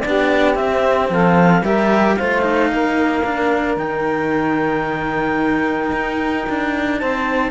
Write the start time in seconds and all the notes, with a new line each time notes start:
0.00 B3 D4 G4 D5
0.55 C4 E5
1.10 F3 A4 F5
1.62 G3 G4 A#4 E5
2.16 A3 F4 C5 F5
2.42 D#4
2.72 A#3 A#4
3.24 D4
3.76 D#3 D#4 G5
5.92 D#4
6.49 D4
6.98 C4 C5 A5